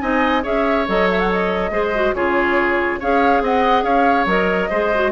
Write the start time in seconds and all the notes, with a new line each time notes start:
0.00 C4 D#4 D#5 G#5
0.43 C#4 G#4 C#5 E5
0.88 F#3 A4 D#5
1.10 E5
1.20 F#5
1.31 D#5
1.70 G#3 G#4 C5
1.94 F#4
2.13 C#3 F4 G#4 C#5
2.99 C#4 G#4 C#5 F5
3.41 C4 D#5 F#5
3.82 C#4 C#5 F5
4.25 F#3 A#4 D#5
4.69 G#3 G#4 C5
4.95 F#4